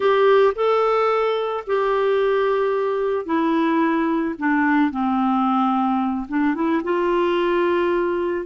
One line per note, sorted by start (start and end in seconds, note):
0.00 0.53 G4
0.55 1.64 A4
1.66 3.25 G4
3.25 4.34 E4
4.38 4.90 D4
4.90 6.27 C4
6.28 6.55 D4
6.55 6.82 E4
6.83 8.46 F4